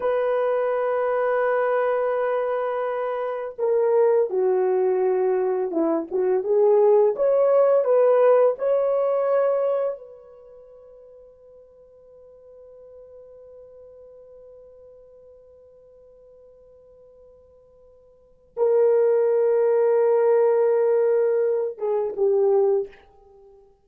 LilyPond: \new Staff \with { instrumentName = "horn" } { \time 4/4 \tempo 4 = 84 b'1~ | b'4 ais'4 fis'2 | e'8 fis'8 gis'4 cis''4 b'4 | cis''2 b'2~ |
b'1~ | b'1~ | b'2 ais'2~ | ais'2~ ais'8 gis'8 g'4 | }